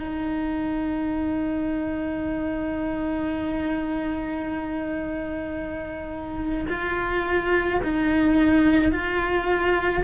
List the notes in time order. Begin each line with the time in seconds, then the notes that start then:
0.00 D#4
6.69 F4
7.84 D#4
8.92 F4